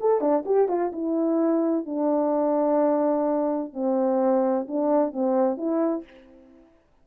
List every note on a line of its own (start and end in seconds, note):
0.00 0.20 A4
0.20 0.44 D4
0.45 0.68 G4
0.68 0.91 F4
0.92 1.85 E4
1.85 3.73 D4
3.73 4.67 C4
4.67 5.12 D4
5.12 5.57 C4
5.57 6.04 E4